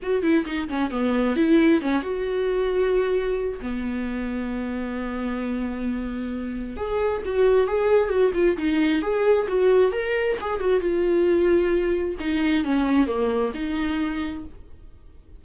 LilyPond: \new Staff \with { instrumentName = "viola" } { \time 4/4 \tempo 4 = 133 fis'8 e'8 dis'8 cis'8 b4 e'4 | cis'8 fis'2.~ fis'8 | b1~ | b2. gis'4 |
fis'4 gis'4 fis'8 f'8 dis'4 | gis'4 fis'4 ais'4 gis'8 fis'8 | f'2. dis'4 | cis'4 ais4 dis'2 | }